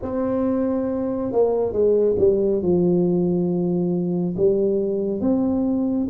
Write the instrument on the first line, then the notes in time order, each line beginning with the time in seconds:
tuba
0.02 C4
1.32 A#3
1.72 G#3
2.18 G3
2.61 F3
4.37 G3
5.20 C4